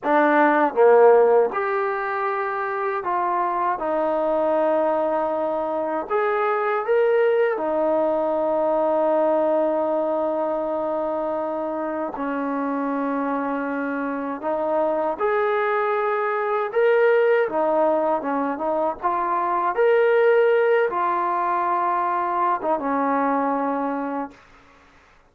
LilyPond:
\new Staff \with { instrumentName = "trombone" } { \time 4/4 \tempo 4 = 79 d'4 ais4 g'2 | f'4 dis'2. | gis'4 ais'4 dis'2~ | dis'1 |
cis'2. dis'4 | gis'2 ais'4 dis'4 | cis'8 dis'8 f'4 ais'4. f'8~ | f'4.~ f'16 dis'16 cis'2 | }